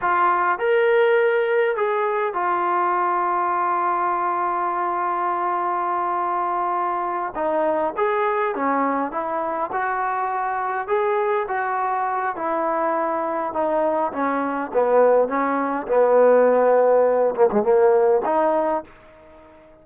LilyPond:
\new Staff \with { instrumentName = "trombone" } { \time 4/4 \tempo 4 = 102 f'4 ais'2 gis'4 | f'1~ | f'1~ | f'8 dis'4 gis'4 cis'4 e'8~ |
e'8 fis'2 gis'4 fis'8~ | fis'4 e'2 dis'4 | cis'4 b4 cis'4 b4~ | b4. ais16 gis16 ais4 dis'4 | }